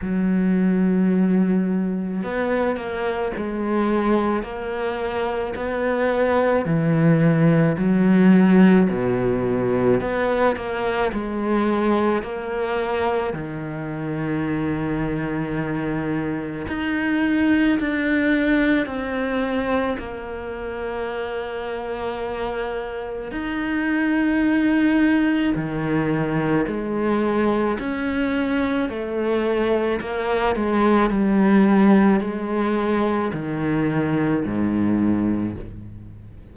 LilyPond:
\new Staff \with { instrumentName = "cello" } { \time 4/4 \tempo 4 = 54 fis2 b8 ais8 gis4 | ais4 b4 e4 fis4 | b,4 b8 ais8 gis4 ais4 | dis2. dis'4 |
d'4 c'4 ais2~ | ais4 dis'2 dis4 | gis4 cis'4 a4 ais8 gis8 | g4 gis4 dis4 gis,4 | }